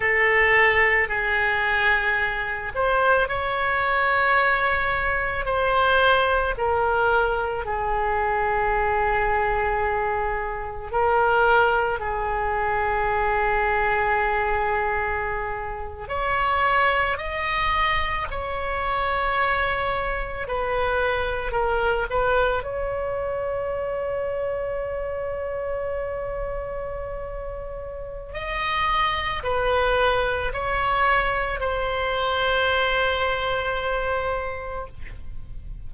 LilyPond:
\new Staff \with { instrumentName = "oboe" } { \time 4/4 \tempo 4 = 55 a'4 gis'4. c''8 cis''4~ | cis''4 c''4 ais'4 gis'4~ | gis'2 ais'4 gis'4~ | gis'2~ gis'8. cis''4 dis''16~ |
dis''8. cis''2 b'4 ais'16~ | ais'16 b'8 cis''2.~ cis''16~ | cis''2 dis''4 b'4 | cis''4 c''2. | }